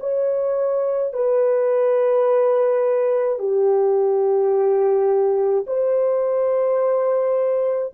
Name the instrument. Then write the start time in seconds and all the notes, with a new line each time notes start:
horn
0.00 C#5
1.13 B4
3.39 G4
5.67 C5